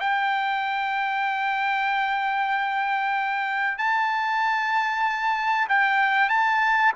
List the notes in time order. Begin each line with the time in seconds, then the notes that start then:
0.00 G5
3.78 A5
5.69 G5
6.29 A5